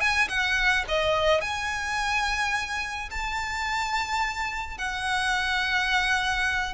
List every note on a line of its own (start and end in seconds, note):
0.00 0.28 G#5
0.28 0.84 F#5
0.88 1.41 D#5
1.41 3.09 G#5
3.10 4.77 A5
4.77 6.74 F#5